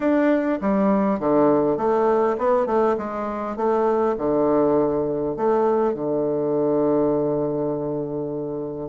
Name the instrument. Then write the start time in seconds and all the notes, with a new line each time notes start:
bassoon
0.00 D4
0.61 G3
1.19 D3
1.77 A3
2.38 B3
2.66 A3
2.97 G#3
3.56 A3
4.17 D3
5.36 A3
5.94 D3